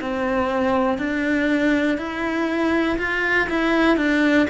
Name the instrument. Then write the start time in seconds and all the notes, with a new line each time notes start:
cello
0.00 C4
0.98 D4
1.97 E4
2.98 F4
3.49 E4
3.97 D4